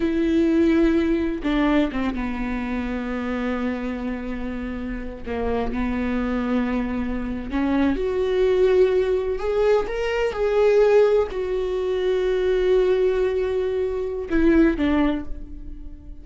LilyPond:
\new Staff \with { instrumentName = "viola" } { \time 4/4 \tempo 4 = 126 e'2. d'4 | c'8 b2.~ b8~ | b2. ais4 | b2.~ b8. cis'16~ |
cis'8. fis'2. gis'16~ | gis'8. ais'4 gis'2 fis'16~ | fis'1~ | fis'2 e'4 d'4 | }